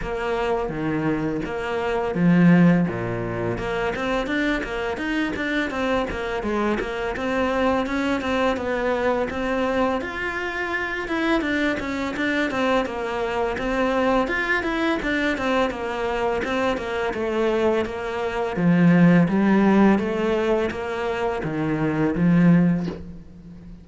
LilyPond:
\new Staff \with { instrumentName = "cello" } { \time 4/4 \tempo 4 = 84 ais4 dis4 ais4 f4 | ais,4 ais8 c'8 d'8 ais8 dis'8 d'8 | c'8 ais8 gis8 ais8 c'4 cis'8 c'8 | b4 c'4 f'4. e'8 |
d'8 cis'8 d'8 c'8 ais4 c'4 | f'8 e'8 d'8 c'8 ais4 c'8 ais8 | a4 ais4 f4 g4 | a4 ais4 dis4 f4 | }